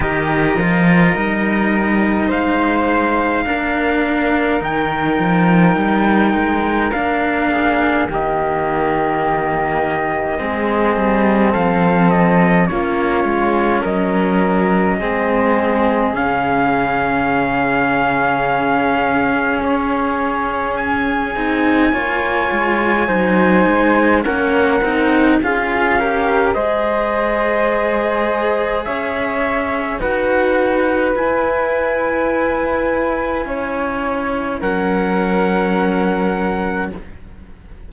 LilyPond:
<<
  \new Staff \with { instrumentName = "trumpet" } { \time 4/4 \tempo 4 = 52 dis''2 f''2 | g''2 f''4 dis''4~ | dis''2 f''8 dis''8 cis''4 | dis''2 f''2~ |
f''4 cis''4 gis''2~ | gis''4 fis''4 f''4 dis''4~ | dis''4 e''4 fis''4 gis''4~ | gis''2 fis''2 | }
  \new Staff \with { instrumentName = "flute" } { \time 4/4 ais'2 c''4 ais'4~ | ais'2~ ais'8 gis'8 g'4~ | g'4 gis'4 a'4 f'4 | ais'4 gis'2.~ |
gis'2. cis''4 | c''4 ais'4 gis'8 ais'8 c''4~ | c''4 cis''4 b'2~ | b'4 cis''4 ais'2 | }
  \new Staff \with { instrumentName = "cello" } { \time 4/4 g'8 f'8 dis'2 d'4 | dis'2 d'4 ais4~ | ais4 c'2 cis'4~ | cis'4 c'4 cis'2~ |
cis'2~ cis'8 dis'8 f'4 | dis'4 cis'8 dis'8 f'8 g'8 gis'4~ | gis'2 fis'4 e'4~ | e'2 cis'2 | }
  \new Staff \with { instrumentName = "cello" } { \time 4/4 dis8 f8 g4 gis4 ais4 | dis8 f8 g8 gis8 ais4 dis4~ | dis4 gis8 g8 f4 ais8 gis8 | fis4 gis4 cis2~ |
cis4 cis'4. c'8 ais8 gis8 | fis8 gis8 ais8 c'8 cis'4 gis4~ | gis4 cis'4 dis'4 e'4~ | e'4 cis'4 fis2 | }
>>